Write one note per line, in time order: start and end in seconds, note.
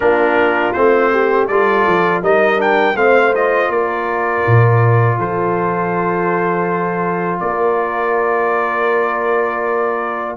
0.00 0.74 A#3
0.00 0.74 D4
0.00 1.11 F4
0.00 0.72 A#4
0.72 1.49 A3
0.72 1.49 C4
0.72 1.46 C5
1.11 1.47 G4
1.47 1.86 G3
1.47 2.23 F4
1.47 2.21 A4
1.47 2.21 D5
1.87 2.22 F3
2.22 2.95 G3
2.22 2.57 D#4
2.22 2.96 A#4
2.22 2.60 D#5
2.57 2.94 D4
2.57 2.96 G5
2.95 3.69 A3
2.95 3.33 C4
2.95 3.71 C5
2.95 3.33 F5
3.35 10.36 F4
3.35 3.71 D#5
3.69 4.43 A#3
3.69 5.17 A#4
3.69 5.19 D5
4.46 5.17 A#2
5.17 7.40 F3
5.17 7.40 A4
5.17 7.39 C5
7.39 10.36 A#3
7.39 10.36 A#4
7.39 10.35 D5